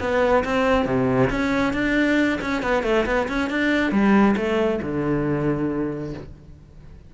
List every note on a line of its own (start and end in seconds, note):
0.00 0.44 B3
0.44 0.86 C4
0.86 1.29 C3
1.30 1.73 C#4
1.73 2.39 D4
2.41 2.62 C#4
2.62 2.83 B3
2.83 3.05 A3
3.06 3.28 B3
3.28 3.50 C#4
3.50 3.92 D4
3.92 4.35 G3
4.36 4.80 A3
4.82 6.13 D3